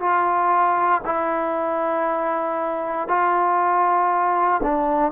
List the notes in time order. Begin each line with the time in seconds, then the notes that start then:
0.00 F4
1.05 E4
3.08 F4
4.63 D4